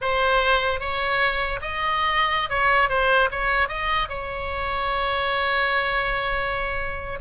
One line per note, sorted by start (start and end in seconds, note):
0.01 0.80 C5
0.80 1.60 C#5
1.61 2.49 D#5
2.49 2.89 C#5
2.89 3.29 C5
3.31 3.68 C#5
3.68 4.08 D#5
4.08 7.18 C#5